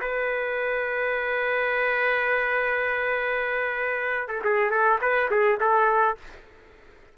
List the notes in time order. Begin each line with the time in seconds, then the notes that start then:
0.00 B4
4.28 A4
4.44 G#4
4.70 A4
5.01 B4
5.30 G#4
5.60 A4